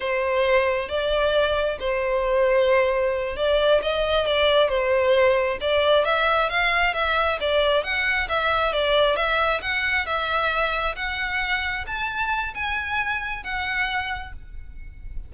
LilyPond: \new Staff \with { instrumentName = "violin" } { \time 4/4 \tempo 4 = 134 c''2 d''2 | c''2.~ c''8 d''8~ | d''8 dis''4 d''4 c''4.~ | c''8 d''4 e''4 f''4 e''8~ |
e''8 d''4 fis''4 e''4 d''8~ | d''8 e''4 fis''4 e''4.~ | e''8 fis''2 a''4. | gis''2 fis''2 | }